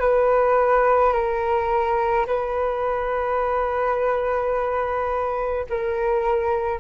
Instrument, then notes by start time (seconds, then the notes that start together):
flute
0.00 B4
1.13 A#4
2.26 B4
5.70 A#4